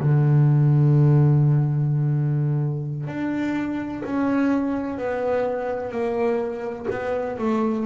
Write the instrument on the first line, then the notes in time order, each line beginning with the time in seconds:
double bass
0.00 D3
3.07 D4
4.04 C#4
4.97 B3
5.91 A#3
6.90 B3
7.39 A3